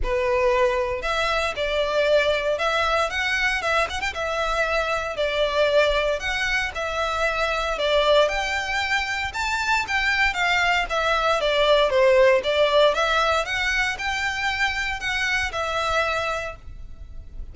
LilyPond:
\new Staff \with { instrumentName = "violin" } { \time 4/4 \tempo 4 = 116 b'2 e''4 d''4~ | d''4 e''4 fis''4 e''8 fis''16 g''16 | e''2 d''2 | fis''4 e''2 d''4 |
g''2 a''4 g''4 | f''4 e''4 d''4 c''4 | d''4 e''4 fis''4 g''4~ | g''4 fis''4 e''2 | }